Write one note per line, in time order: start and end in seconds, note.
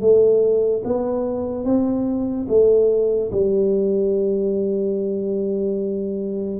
0.00 0.82 A3
0.84 1.64 B3
1.64 2.46 C4
2.48 3.30 A3
3.31 6.60 G3